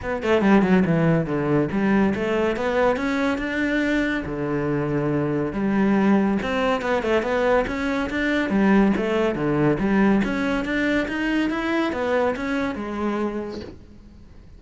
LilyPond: \new Staff \with { instrumentName = "cello" } { \time 4/4 \tempo 4 = 141 b8 a8 g8 fis8 e4 d4 | g4 a4 b4 cis'4 | d'2 d2~ | d4 g2 c'4 |
b8 a8 b4 cis'4 d'4 | g4 a4 d4 g4 | cis'4 d'4 dis'4 e'4 | b4 cis'4 gis2 | }